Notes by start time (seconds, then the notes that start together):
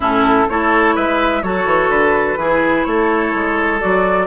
0.00 A2 C#4 E4 A4
0.49 A3 E4 A4 C#5
0.95 G#3 B4 E5
1.42 F#3 F#4 A4 C#5
1.65 E3
1.89 D3 B4
2.36 E3 E4 G#4
2.84 A3 A4 C#5
3.33 G#3
3.79 F#3 F#4 D5